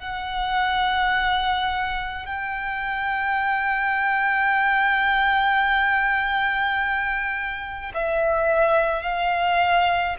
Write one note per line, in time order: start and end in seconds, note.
0.00 2.26 F#5
2.26 7.92 G5
7.95 9.03 E5
9.03 10.16 F5